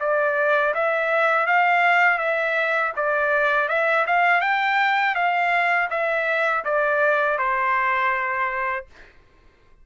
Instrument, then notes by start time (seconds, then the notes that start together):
trumpet
0.00 D5
0.74 E5
1.47 F5
2.19 E5
2.97 D5
3.69 E5
4.07 F5
4.41 G5
5.15 F5
5.91 E5
6.65 D5
7.38 C5